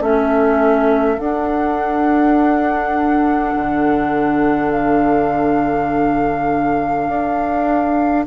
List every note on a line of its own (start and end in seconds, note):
0.00 1.18 A3
0.00 1.18 C#4
0.00 8.26 A4
0.00 1.19 E5
1.19 3.54 D4
1.19 8.27 D4
1.19 4.72 F#5
3.56 7.08 D3
4.72 8.25 F5
7.08 8.26 D4